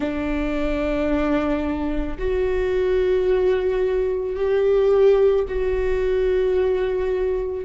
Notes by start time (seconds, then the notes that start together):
0.00 D4
2.18 F#4
4.36 G4
5.47 F#4